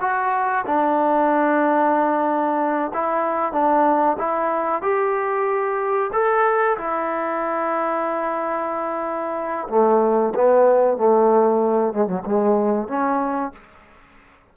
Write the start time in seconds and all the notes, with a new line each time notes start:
0.00 F#4
0.66 D4
2.93 E4
3.52 D4
4.18 E4
4.82 G4
6.12 A4
6.77 E4
9.69 A3
10.35 B3
10.97 A3
11.93 G#3
12.06 F#3
12.26 G#3
12.88 C#4